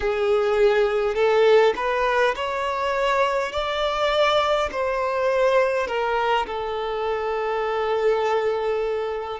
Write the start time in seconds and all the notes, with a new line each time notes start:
0.00 G#4
1.14 A4
1.75 B4
2.35 C#5
3.51 D5
4.71 C5
5.87 A#4
6.46 A4